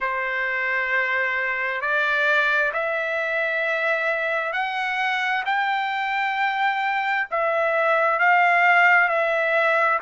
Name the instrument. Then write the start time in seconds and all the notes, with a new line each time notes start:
trumpet
0.00 C5
1.81 D5
2.73 E5
4.52 F#5
5.45 G5
7.30 E5
8.19 F5
9.08 E5